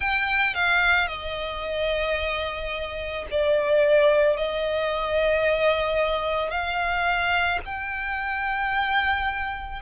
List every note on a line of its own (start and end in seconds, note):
0.00 0.54 G5
0.54 1.07 F5
1.07 3.25 D#5
3.30 4.36 D5
4.36 6.50 D#5
6.50 7.59 F5
7.65 9.82 G5